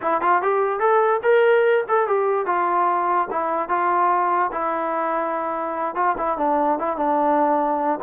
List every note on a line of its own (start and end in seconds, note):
0.01 0.21 E4
0.21 0.41 F4
0.41 0.79 G4
0.79 1.20 A4
1.22 1.84 A#4
1.88 2.07 A4
2.07 2.46 G4
2.46 3.28 F4
3.30 3.68 E4
3.68 4.50 F4
4.52 5.95 E4
5.95 6.15 F4
6.17 6.37 E4
6.37 6.78 D4
6.78 6.96 E4
6.96 7.99 D4